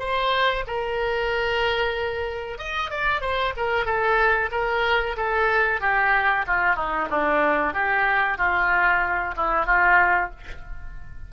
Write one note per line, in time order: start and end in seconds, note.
0.00 0.65 C5
0.67 2.59 A#4
2.59 2.91 D#5
2.91 3.21 D5
3.21 3.54 C5
3.57 3.86 A#4
3.86 4.50 A4
4.52 5.16 A#4
5.17 5.81 A4
5.81 6.45 G4
6.47 6.76 F4
6.76 7.09 D#4
7.11 7.74 D4
7.74 8.38 G4
8.38 9.35 F4
9.37 9.66 E4
9.66 10.30 F4